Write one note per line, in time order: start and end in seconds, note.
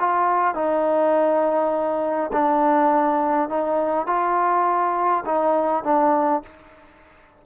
0.00 0.55 F4
0.55 2.31 D#4
2.33 3.49 D4
3.49 4.07 D#4
4.07 5.25 F4
5.26 5.84 D#4
5.84 6.43 D4